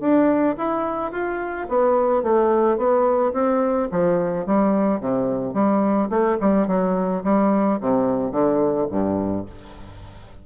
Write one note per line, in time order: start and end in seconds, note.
0.00 0.56 D4
0.57 1.12 E4
1.12 1.67 F4
1.68 2.23 B3
2.23 2.77 A3
2.77 3.33 B3
3.33 3.88 C4
3.91 4.46 F3
4.46 5.00 G3
5.00 5.54 C3
5.54 6.09 G3
6.09 6.37 A3
6.40 6.67 G3
6.67 7.23 F#3
7.24 7.79 G3
7.81 8.31 C3
8.31 8.87 D3
8.90 9.46 G2